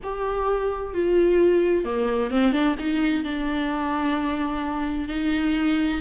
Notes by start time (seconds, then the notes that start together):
0.03 G4
0.93 F4
1.84 A#3
2.30 C4
2.52 D4
2.79 D#4
3.23 D4
5.08 D#4